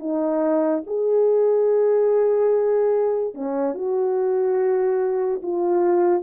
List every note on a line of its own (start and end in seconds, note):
0.00 0.83 D#4
0.87 3.34 G#4
3.34 3.75 C#4
3.75 5.41 F#4
5.43 6.23 F4